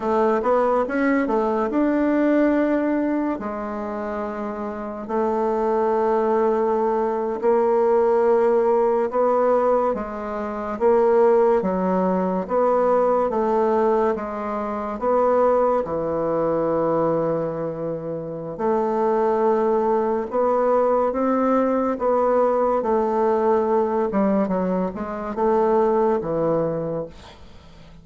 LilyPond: \new Staff \with { instrumentName = "bassoon" } { \time 4/4 \tempo 4 = 71 a8 b8 cis'8 a8 d'2 | gis2 a2~ | a8. ais2 b4 gis16~ | gis8. ais4 fis4 b4 a16~ |
a8. gis4 b4 e4~ e16~ | e2 a2 | b4 c'4 b4 a4~ | a8 g8 fis8 gis8 a4 e4 | }